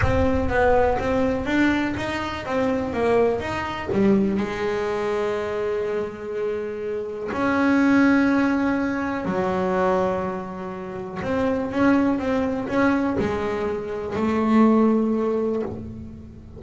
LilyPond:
\new Staff \with { instrumentName = "double bass" } { \time 4/4 \tempo 4 = 123 c'4 b4 c'4 d'4 | dis'4 c'4 ais4 dis'4 | g4 gis2.~ | gis2. cis'4~ |
cis'2. fis4~ | fis2. c'4 | cis'4 c'4 cis'4 gis4~ | gis4 a2. | }